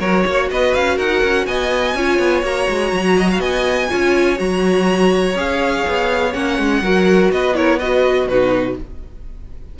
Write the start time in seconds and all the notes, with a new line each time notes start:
0.00 F#3 F#4 A#4 C#5
0.26 A#3 C#5
0.51 B3 B4 D#5
0.74 C#4 F5
0.96 D#4 A#4 F#5
1.24 C#4
1.46 B3 D#5 G#5
1.94 C#4 F4 C#5
2.19 B3
2.43 A#3 F#4 A#5
2.69 G#3
2.92 F#3
3.17 D#5
3.31 F5
3.39 B3 D#5 G#5
3.90 C#4 F4 C#5
4.36 F#3 F#4 A#5
5.35 C#4 G#4 F5
5.88 B3
6.33 A#3 C#4 F#5
6.59 G#3
6.82 F#3 F#4 A#4
7.31 B3 B4 D#5
7.55 E4 A#4 C#5
7.79 F#4 B4 D#5
8.26 B2 D#4 F#4 B4